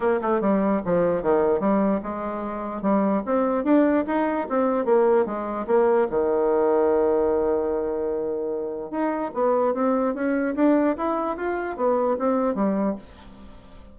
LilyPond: \new Staff \with { instrumentName = "bassoon" } { \time 4/4 \tempo 4 = 148 ais8 a8 g4 f4 dis4 | g4 gis2 g4 | c'4 d'4 dis'4 c'4 | ais4 gis4 ais4 dis4~ |
dis1~ | dis2 dis'4 b4 | c'4 cis'4 d'4 e'4 | f'4 b4 c'4 g4 | }